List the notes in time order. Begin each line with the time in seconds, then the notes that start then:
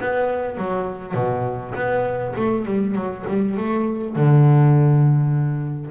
0.00 B3
0.58 F#3
1.14 B2
1.75 B3
2.36 A3
2.65 G3
2.95 F#3
3.28 G3
3.57 A3
4.16 D3